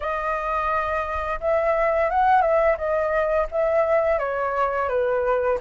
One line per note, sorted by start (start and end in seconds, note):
0.00 1.39 D#5
1.40 2.10 E5
2.10 2.41 F#5
2.41 2.76 E5
2.77 3.47 D#5
3.51 4.19 E5
4.19 4.88 C#5
4.88 5.58 B4